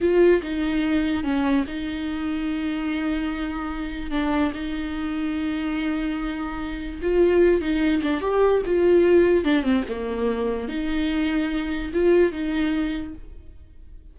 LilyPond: \new Staff \with { instrumentName = "viola" } { \time 4/4 \tempo 4 = 146 f'4 dis'2 cis'4 | dis'1~ | dis'2 d'4 dis'4~ | dis'1~ |
dis'4 f'4. dis'4 d'8 | g'4 f'2 d'8 c'8 | ais2 dis'2~ | dis'4 f'4 dis'2 | }